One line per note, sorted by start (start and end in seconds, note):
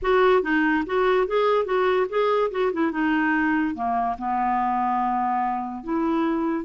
0.02 0.42 F#4
0.42 0.84 D#4
0.85 1.27 F#4
1.27 1.65 G#4
1.65 2.06 F#4
2.09 2.50 G#4
2.51 2.72 F#4
2.73 2.91 E4
2.91 3.74 D#4
3.74 4.16 A#3
4.18 5.83 B3
5.83 6.64 E4